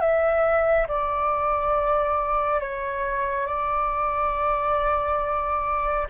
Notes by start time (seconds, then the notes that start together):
0.00 E5
0.88 D5
2.60 C#5
3.46 D5